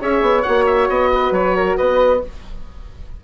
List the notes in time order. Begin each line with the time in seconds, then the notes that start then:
0.00 C#4 G#4 C#5 E5
0.21 B3
0.42 A#3 F#4 F#5
0.66 E5
0.88 B3 D#5
1.14 B4
1.30 F#3 C#5
1.56 A#4
1.77 B3 B4 D#5